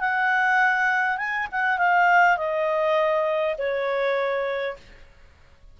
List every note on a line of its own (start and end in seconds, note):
0.00 1.17 F#5
1.17 1.47 G#5
1.52 1.78 F#5
1.78 2.37 F5
2.37 3.56 D#5
3.58 4.77 C#5